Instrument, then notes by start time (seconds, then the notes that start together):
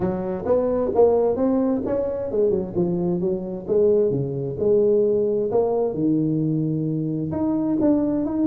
tuba
0.00 F#3
0.45 B3
0.94 A#3
1.35 C4
1.85 C#4
2.31 G#3
2.49 F#3
2.75 F3
3.20 F#3
3.67 G#3
4.10 C#3
4.59 G#3
5.51 A#3
5.94 D#3
7.31 D#4
7.80 D4
8.25 D#4